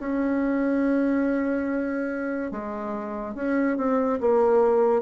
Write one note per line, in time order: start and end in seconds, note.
0.00 2.52 C#4
2.52 3.35 G#3
3.35 3.77 C#4
3.77 4.19 C4
4.20 5.02 A#3